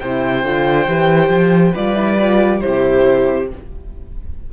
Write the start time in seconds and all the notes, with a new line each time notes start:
0.00 C3 E4 C5 G5
0.43 D3 F4
0.87 E3 G4
1.29 F3
1.71 G3 F4 B4 D5
1.95 E4
2.17 F4
2.60 C3 E4 G4 C5